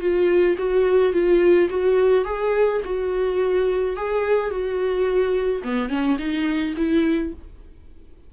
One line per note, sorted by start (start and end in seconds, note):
0.00 0.56 F4
0.58 1.13 F#4
1.13 1.69 F4
1.69 2.25 F#4
2.25 2.81 G#4
2.85 3.97 F#4
3.97 4.50 G#4
4.50 5.63 F#4
5.64 5.89 B3
5.89 6.17 C#4
6.18 6.74 D#4
6.77 7.33 E4